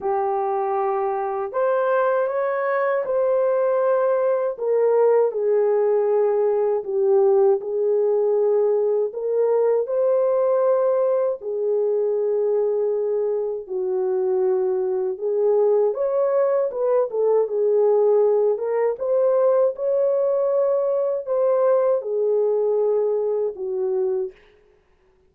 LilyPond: \new Staff \with { instrumentName = "horn" } { \time 4/4 \tempo 4 = 79 g'2 c''4 cis''4 | c''2 ais'4 gis'4~ | gis'4 g'4 gis'2 | ais'4 c''2 gis'4~ |
gis'2 fis'2 | gis'4 cis''4 b'8 a'8 gis'4~ | gis'8 ais'8 c''4 cis''2 | c''4 gis'2 fis'4 | }